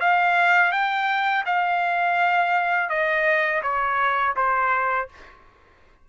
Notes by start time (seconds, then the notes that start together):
0.00 F5
0.72 G5
1.46 F5
2.89 D#5
3.63 C#5
4.36 C5